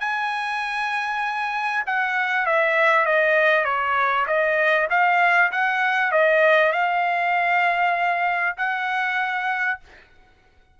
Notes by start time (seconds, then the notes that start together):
0.00 G#5
1.86 F#5
2.46 E5
3.06 D#5
3.65 C#5
4.27 D#5
4.90 F5
5.52 F#5
6.11 D#5
6.72 F5
8.57 F#5